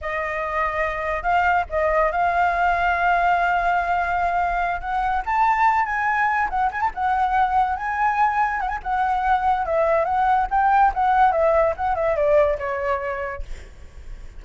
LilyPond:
\new Staff \with { instrumentName = "flute" } { \time 4/4 \tempo 4 = 143 dis''2. f''4 | dis''4 f''2.~ | f''2.~ f''8 fis''8~ | fis''8 a''4. gis''4. fis''8 |
gis''16 a''16 fis''2 gis''4.~ | gis''8 fis''16 gis''16 fis''2 e''4 | fis''4 g''4 fis''4 e''4 | fis''8 e''8 d''4 cis''2 | }